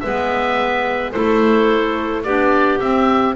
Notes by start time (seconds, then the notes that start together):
0.00 G#3 B3 B4 E5
1.12 A3 E4 A4 C5
2.23 B3 D4 G4 D5
2.80 C4 E5